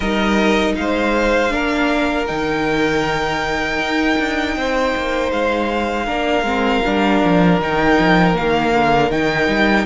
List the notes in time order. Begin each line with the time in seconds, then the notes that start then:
0.00 G3 D#4 A#4 D#5
0.75 G#3 C5 F5
1.50 A#3 D4 A#4
2.27 D#3 D#4 G5
3.78 D#4
4.18 D4
4.56 C4 C5
4.96 A#3
5.31 G#3 F5
6.05 A#3 D4 A#4
6.42 G#3 C4
6.85 G3 D4
7.23 F3
7.59 D#3 D#4 G5
7.99 F3
8.33 A#3 F5
8.39 D#3
8.72 D3
9.10 D#3 D#4 G5
9.47 G3